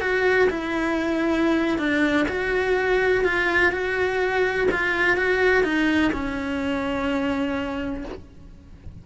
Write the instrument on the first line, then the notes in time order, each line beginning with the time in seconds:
cello
0.00 F#4
0.49 E4
1.78 D4
2.28 F#4
3.24 F4
3.72 F#4
4.71 F4
5.16 F#4
5.63 D#4
6.12 C#4